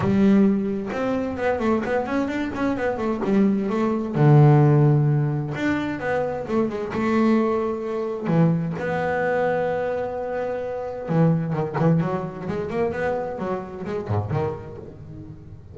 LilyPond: \new Staff \with { instrumentName = "double bass" } { \time 4/4 \tempo 4 = 130 g2 c'4 b8 a8 | b8 cis'8 d'8 cis'8 b8 a8 g4 | a4 d2. | d'4 b4 a8 gis8 a4~ |
a2 e4 b4~ | b1 | e4 dis8 e8 fis4 gis8 ais8 | b4 fis4 gis8 gis,8 dis4 | }